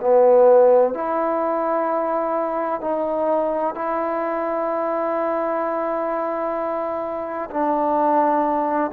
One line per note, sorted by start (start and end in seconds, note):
0.00 0.94 B3
0.94 2.80 E4
2.80 3.74 D#4
3.74 7.49 E4
7.50 8.91 D4